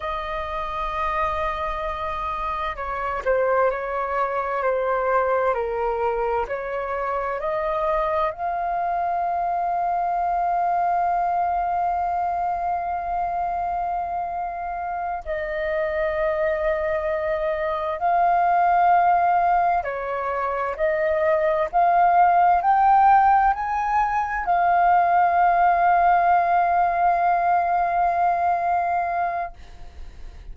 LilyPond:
\new Staff \with { instrumentName = "flute" } { \time 4/4 \tempo 4 = 65 dis''2. cis''8 c''8 | cis''4 c''4 ais'4 cis''4 | dis''4 f''2.~ | f''1~ |
f''8 dis''2. f''8~ | f''4. cis''4 dis''4 f''8~ | f''8 g''4 gis''4 f''4.~ | f''1 | }